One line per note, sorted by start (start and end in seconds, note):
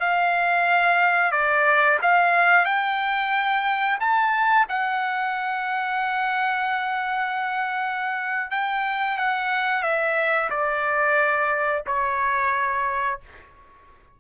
0.00 1.32 F5
1.32 1.98 D5
2.02 2.65 F5
2.65 3.99 G5
4.00 4.67 A5
4.69 8.51 F#5
8.51 9.18 G5
9.18 9.83 F#5
9.83 10.50 E5
10.50 11.83 D5
11.87 13.20 C#5